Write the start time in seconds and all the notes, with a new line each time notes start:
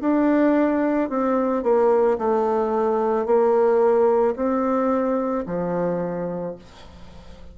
0.00 D4
1.09 C4
1.63 A#3
2.18 A3
3.25 A#3
4.35 C4
5.46 F3